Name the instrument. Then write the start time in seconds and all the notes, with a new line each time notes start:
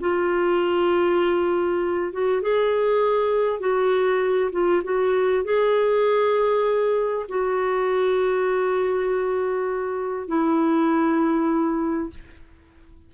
clarinet
0.00 F4
2.12 F#4
2.41 G#4
3.59 F#4
4.52 F4
4.83 F#4
5.44 G#4
7.28 F#4
10.28 E4